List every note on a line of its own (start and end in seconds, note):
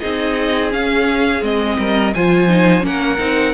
0.00 0.74 C4
0.00 0.71 D#4
0.00 1.77 G#4
0.00 0.71 D#5
0.71 1.41 C#4
0.71 1.42 C#4
0.71 1.43 F5
1.42 1.77 G#3
1.42 2.12 C4
1.42 2.14 D#5
1.78 2.14 G3
1.78 2.14 A#4
2.14 2.83 F3
2.14 2.48 F4
2.14 2.86 C5
2.14 2.85 G#5
2.48 2.81 D#4
2.81 3.18 A#3
2.81 3.16 C#4
2.81 3.54 A#4
2.81 3.54 F#5
3.18 3.54 C4
3.18 3.54 D#4